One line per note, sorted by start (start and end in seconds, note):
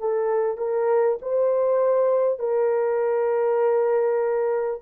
0.00 0.58 A4
0.58 1.18 A#4
1.22 2.39 C5
2.39 4.82 A#4